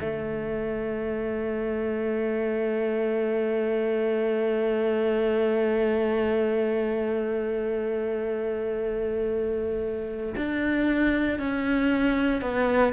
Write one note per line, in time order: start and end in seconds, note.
0.00 10.34 A3
10.36 11.38 D4
11.38 12.41 C#4
12.41 12.93 B3